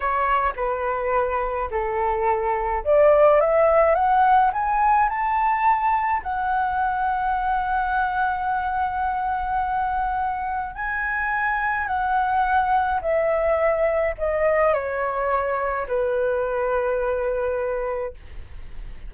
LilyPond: \new Staff \with { instrumentName = "flute" } { \time 4/4 \tempo 4 = 106 cis''4 b'2 a'4~ | a'4 d''4 e''4 fis''4 | gis''4 a''2 fis''4~ | fis''1~ |
fis''2. gis''4~ | gis''4 fis''2 e''4~ | e''4 dis''4 cis''2 | b'1 | }